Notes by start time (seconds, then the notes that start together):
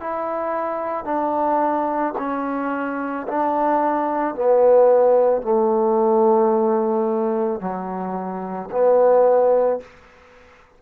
0.00 E4
1.05 D4
2.18 C#4
3.28 D4
4.35 B3
5.42 A3
7.60 F#3
8.71 B3